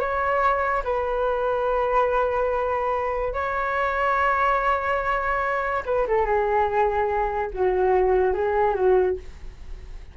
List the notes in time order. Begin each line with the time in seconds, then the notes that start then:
0.00 C#5
0.84 B4
3.34 C#5
5.86 B4
6.08 A4
6.26 G#4
7.54 F#4
8.34 G#4
8.75 F#4